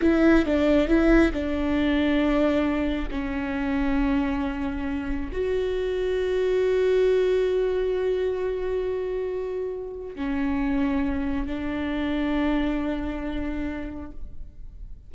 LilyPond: \new Staff \with { instrumentName = "viola" } { \time 4/4 \tempo 4 = 136 e'4 d'4 e'4 d'4~ | d'2. cis'4~ | cis'1 | fis'1~ |
fis'1~ | fis'2. cis'4~ | cis'2 d'2~ | d'1 | }